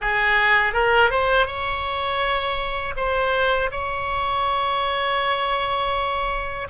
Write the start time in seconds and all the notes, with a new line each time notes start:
0.01 G#4
0.73 A#4
1.10 C5
1.46 C#5
2.96 C5
3.71 C#5